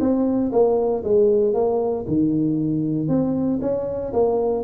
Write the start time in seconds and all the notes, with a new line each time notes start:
0.00 C4
0.52 A#3
1.03 G#3
1.54 A#3
2.07 D#3
3.08 C4
3.61 C#4
4.13 A#3